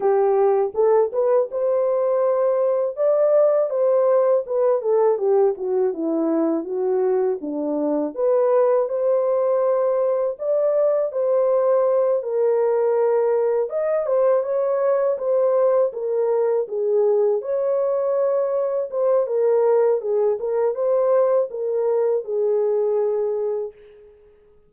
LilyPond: \new Staff \with { instrumentName = "horn" } { \time 4/4 \tempo 4 = 81 g'4 a'8 b'8 c''2 | d''4 c''4 b'8 a'8 g'8 fis'8 | e'4 fis'4 d'4 b'4 | c''2 d''4 c''4~ |
c''8 ais'2 dis''8 c''8 cis''8~ | cis''8 c''4 ais'4 gis'4 cis''8~ | cis''4. c''8 ais'4 gis'8 ais'8 | c''4 ais'4 gis'2 | }